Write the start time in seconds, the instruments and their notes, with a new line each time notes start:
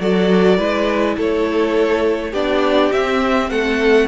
0.00 cello F#3, viola F#4, violin A4 D5
0.57 cello G#3, viola E4, violin B4
1.17 cello A3, violin A4 C#5
2.31 cello B3, viola D4, violin G4 D5
2.92 cello C4, viola C4, violin E5
3.50 cello A3, violin A4 F#5